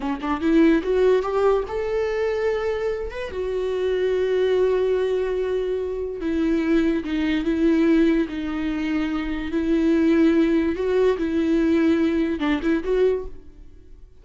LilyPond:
\new Staff \with { instrumentName = "viola" } { \time 4/4 \tempo 4 = 145 cis'8 d'8 e'4 fis'4 g'4 | a'2.~ a'8 b'8 | fis'1~ | fis'2. e'4~ |
e'4 dis'4 e'2 | dis'2. e'4~ | e'2 fis'4 e'4~ | e'2 d'8 e'8 fis'4 | }